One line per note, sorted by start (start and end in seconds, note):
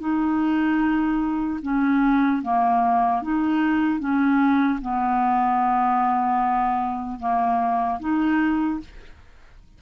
0.00 1.60 D#4
1.62 2.42 C#4
2.42 3.22 A#3
3.22 3.99 D#4
3.99 4.79 C#4
4.81 7.19 B3
7.19 7.99 A#3
8.00 8.80 D#4